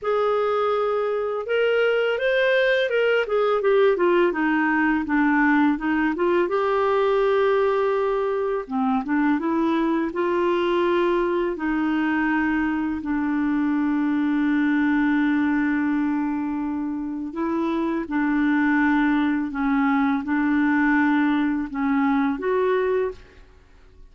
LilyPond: \new Staff \with { instrumentName = "clarinet" } { \time 4/4 \tempo 4 = 83 gis'2 ais'4 c''4 | ais'8 gis'8 g'8 f'8 dis'4 d'4 | dis'8 f'8 g'2. | c'8 d'8 e'4 f'2 |
dis'2 d'2~ | d'1 | e'4 d'2 cis'4 | d'2 cis'4 fis'4 | }